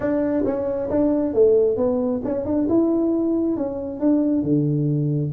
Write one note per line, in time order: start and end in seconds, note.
0.00 0.43 D4
0.45 0.89 C#4
0.90 1.33 D4
1.33 1.76 A3
1.76 2.21 B3
2.24 2.45 C#4
2.45 2.67 D4
2.68 3.56 E4
3.56 4.00 C#4
4.00 4.43 D4
4.43 5.32 D3